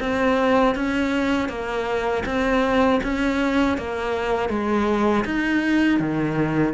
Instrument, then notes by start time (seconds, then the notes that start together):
cello
0.00 C4
0.75 C#4
1.49 A#3
2.25 C4
3.03 C#4
3.77 A#3
4.49 G#3
5.25 D#4
5.99 D#3